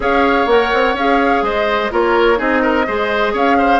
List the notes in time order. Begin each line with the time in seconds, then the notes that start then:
0.00 C#4 G#4 C#5 F5
0.46 A#3 A#4 F#5
0.73 C4
0.93 C#4 G#4 F5
1.42 G#3 C5 D#5
1.90 A#3 F4 A#4 C#5
2.36 C4 D#4 G#4 D#5
2.62 A#4
2.87 G#3 G#4 C5
3.33 C#4 C#5 F5
3.58 C5